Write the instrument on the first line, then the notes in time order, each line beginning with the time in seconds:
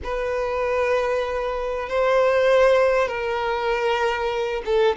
violin
0.03 B4
1.89 C5
3.08 A#4
4.65 A4